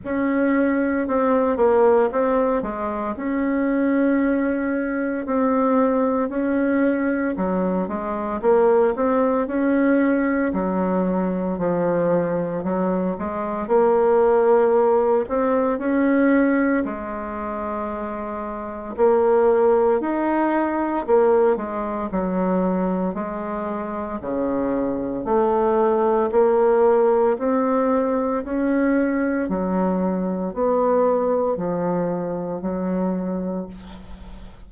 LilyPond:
\new Staff \with { instrumentName = "bassoon" } { \time 4/4 \tempo 4 = 57 cis'4 c'8 ais8 c'8 gis8 cis'4~ | cis'4 c'4 cis'4 fis8 gis8 | ais8 c'8 cis'4 fis4 f4 | fis8 gis8 ais4. c'8 cis'4 |
gis2 ais4 dis'4 | ais8 gis8 fis4 gis4 cis4 | a4 ais4 c'4 cis'4 | fis4 b4 f4 fis4 | }